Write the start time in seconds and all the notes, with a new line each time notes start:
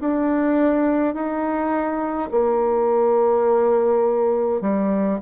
0.00 D4
1.14 D#4
2.31 A#3
4.61 G3